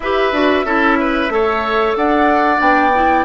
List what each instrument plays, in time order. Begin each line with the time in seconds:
0.00 bassoon E4, clarinet G4, oboe B4, flute E5
0.32 bassoon D4, clarinet F#4
0.64 bassoon C#4, clarinet E4, oboe A4
1.00 oboe B4
1.29 bassoon A3, clarinet A4, oboe C#5
1.96 bassoon D4, oboe D5, flute F#5
2.58 bassoon B3, clarinet D4, flute G5
2.94 clarinet E4